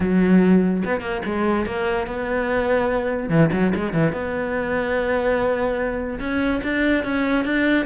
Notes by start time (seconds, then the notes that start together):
0.00 F#3
0.85 B3
1.00 A#3
1.25 G#3
1.66 A#3
2.07 B3
3.29 E3
3.52 F#3
3.75 G#3
3.93 E3
4.12 B3
6.19 C#4
6.63 D4
7.03 C#4
7.45 D4